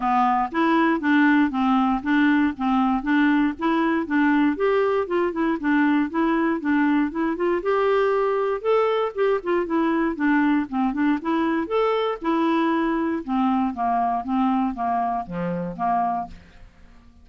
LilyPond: \new Staff \with { instrumentName = "clarinet" } { \time 4/4 \tempo 4 = 118 b4 e'4 d'4 c'4 | d'4 c'4 d'4 e'4 | d'4 g'4 f'8 e'8 d'4 | e'4 d'4 e'8 f'8 g'4~ |
g'4 a'4 g'8 f'8 e'4 | d'4 c'8 d'8 e'4 a'4 | e'2 c'4 ais4 | c'4 ais4 f4 ais4 | }